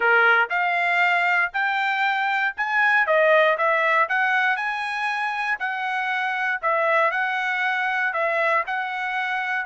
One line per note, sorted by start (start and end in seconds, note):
0.00 0.49 A#4
0.49 1.51 F5
1.53 2.54 G5
2.57 3.06 G#5
3.06 3.57 D#5
3.57 4.08 E5
4.08 4.56 F#5
4.56 5.57 G#5
5.59 6.61 F#5
6.61 7.11 E5
7.11 8.13 F#5
8.13 8.63 E5
8.66 9.65 F#5